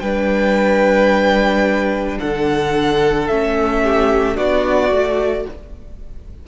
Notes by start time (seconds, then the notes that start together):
0.00 G3 D4 B4 G5
2.19 D3 A4 F#5
3.28 A3 C#4 E5
3.84 G4
4.35 B3 D4 F#4 D5
4.91 A3 F#4